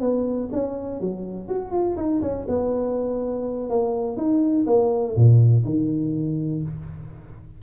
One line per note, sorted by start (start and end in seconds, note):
0.00 0.49 B3
0.52 1.00 C#4
1.00 1.48 F#3
1.48 1.71 F#4
1.71 1.96 F4
1.96 2.21 D#4
2.21 2.46 C#4
2.48 3.69 B3
3.69 4.17 A#3
4.17 4.65 D#4
4.66 5.15 A#3
5.15 5.64 A#2
5.64 6.62 D#3